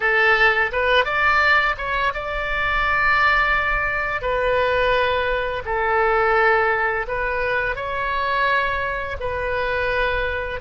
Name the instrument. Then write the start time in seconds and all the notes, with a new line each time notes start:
oboe
0.00 A4
0.72 B4
1.05 D5
1.77 C#5
2.14 D5
4.21 B4
5.65 A4
7.07 B4
7.75 C#5
9.20 B4